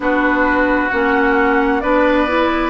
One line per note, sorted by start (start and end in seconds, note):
0.00 0.89 B3
0.00 0.90 D4
0.00 1.82 F#4
0.00 0.89 B4
0.89 1.83 A#3
0.89 1.82 C#4
0.89 1.80 F#5
1.80 2.69 B3
1.80 2.27 D4
1.80 2.69 B4
1.80 2.69 D5
2.27 2.69 E4